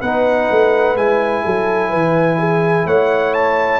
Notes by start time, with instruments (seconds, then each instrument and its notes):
0.00 tuba B3, trombone D#4, horn B4, trumpet F#5
0.51 tuba A3
0.95 tuba G#3, trombone E4, trumpet G#5
1.45 tuba F#3, horn A4
1.90 tuba E3, horn B4
2.39 horn G#4
2.86 tuba A3, horn C#5, trumpet F#5
3.34 trumpet A5